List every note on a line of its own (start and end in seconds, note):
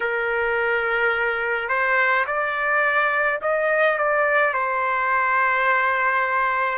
0.00 1.68 A#4
1.68 2.25 C5
2.26 3.40 D5
3.41 3.98 D#5
3.98 4.53 D5
4.53 6.78 C5